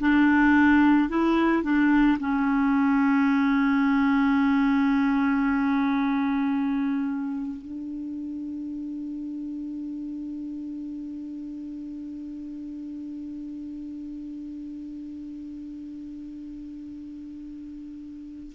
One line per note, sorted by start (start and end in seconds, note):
0.00 1.09 D4
1.09 1.63 E4
1.63 2.18 D4
2.19 7.62 C#4
7.62 18.53 D4